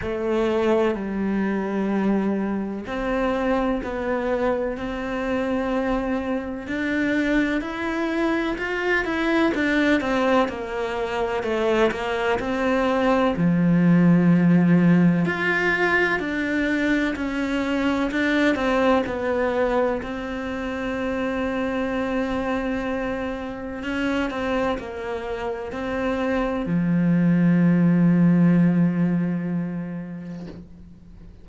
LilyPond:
\new Staff \with { instrumentName = "cello" } { \time 4/4 \tempo 4 = 63 a4 g2 c'4 | b4 c'2 d'4 | e'4 f'8 e'8 d'8 c'8 ais4 | a8 ais8 c'4 f2 |
f'4 d'4 cis'4 d'8 c'8 | b4 c'2.~ | c'4 cis'8 c'8 ais4 c'4 | f1 | }